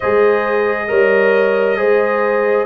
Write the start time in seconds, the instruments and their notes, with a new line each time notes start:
0.00 tuba G#3, trombone G#4, horn C5, trumpet D#5
0.87 tuba G3, trombone A#4, horn C#5
1.77 tuba G#3, trombone G#4, horn C5